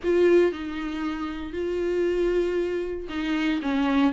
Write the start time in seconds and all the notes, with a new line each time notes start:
0.03 F4
0.51 D#4
1.53 F4
3.09 D#4
3.62 C#4